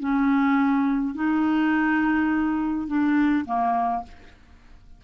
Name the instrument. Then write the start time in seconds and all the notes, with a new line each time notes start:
clarinet
0.00 C#4
1.15 D#4
2.88 D4
3.46 A#3